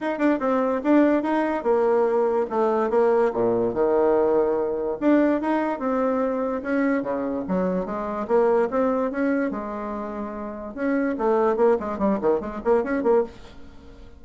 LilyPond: \new Staff \with { instrumentName = "bassoon" } { \time 4/4 \tempo 4 = 145 dis'8 d'8 c'4 d'4 dis'4 | ais2 a4 ais4 | ais,4 dis2. | d'4 dis'4 c'2 |
cis'4 cis4 fis4 gis4 | ais4 c'4 cis'4 gis4~ | gis2 cis'4 a4 | ais8 gis8 g8 dis8 gis8 ais8 cis'8 ais8 | }